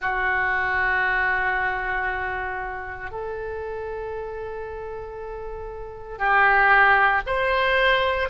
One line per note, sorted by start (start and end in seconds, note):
0.01 3.10 F#4
3.10 6.18 A4
6.18 7.21 G4
7.26 8.29 C5